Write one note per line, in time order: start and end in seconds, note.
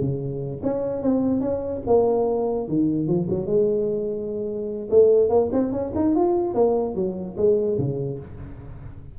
0.00 0.61 C#3
0.63 1.02 C#4
1.02 1.40 C4
1.40 1.81 C#4
1.86 2.68 A#3
2.68 3.07 D#3
3.07 3.27 F3
3.29 3.46 F#3
3.46 4.89 G#3
4.90 5.29 A3
5.29 5.49 A#3
5.52 5.72 C4
5.72 5.92 C#4
5.95 6.15 D#4
6.15 6.54 F4
6.54 6.95 A#3
6.95 7.35 F#3
7.37 7.78 G#3
7.78 8.19 C#3